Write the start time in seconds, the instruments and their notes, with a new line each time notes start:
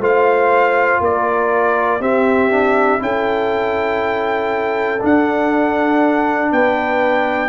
0.00 tuba A3, trombone F4, horn C5, trumpet F5
1.01 tuba A#3, horn A#4, trumpet D5
2.01 tuba C4, trombone C4, horn G4, trumpet E5
2.51 trombone D4
3.00 tuba C#4, trombone E4, horn A4, trumpet G5
5.01 trombone D4, tuba D4, trumpet F#5
6.52 tuba B3, horn B4, trumpet G5